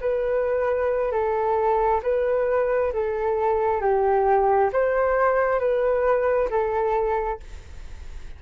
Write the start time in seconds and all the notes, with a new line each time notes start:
0.00 B4
1.12 A4
2.03 B4
2.93 A4
3.81 G4
4.73 C5
5.59 B4
6.50 A4